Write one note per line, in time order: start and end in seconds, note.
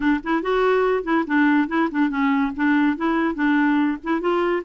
0.00 0.20 D4
0.23 0.42 E4
0.42 1.03 F#4
1.03 1.24 E4
1.26 1.68 D4
1.68 1.89 E4
1.91 2.09 D4
2.09 2.51 C#4
2.56 2.97 D4
2.97 3.34 E4
3.34 3.98 D4
4.03 4.20 E4
4.20 4.62 F4